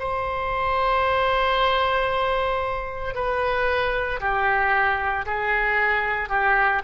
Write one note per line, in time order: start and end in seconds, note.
0.00 3.15 C5
3.15 4.20 B4
4.21 5.26 G4
5.26 6.30 G#4
6.30 6.82 G4